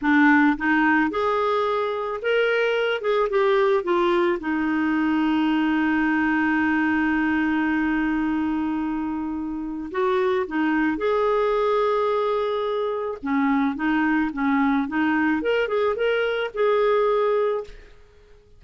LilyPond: \new Staff \with { instrumentName = "clarinet" } { \time 4/4 \tempo 4 = 109 d'4 dis'4 gis'2 | ais'4. gis'8 g'4 f'4 | dis'1~ | dis'1~ |
dis'2 fis'4 dis'4 | gis'1 | cis'4 dis'4 cis'4 dis'4 | ais'8 gis'8 ais'4 gis'2 | }